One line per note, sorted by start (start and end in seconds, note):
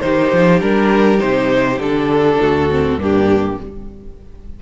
0.00 0.32 D#3
0.00 0.61 D#4
0.00 2.40 G4
0.00 0.59 C5
0.32 0.61 F3
0.61 1.20 G3
0.61 1.17 D4
0.61 1.19 A#4
1.17 1.78 C3
1.17 1.77 D#4
1.17 1.79 C5
1.78 2.38 D3
1.78 2.69 D4
1.78 3.00 A4
2.40 2.98 D2
2.40 2.99 F#4
2.69 2.98 C4
2.98 3.57 G2
2.98 3.58 A#3
2.98 3.60 D4
2.98 3.62 G4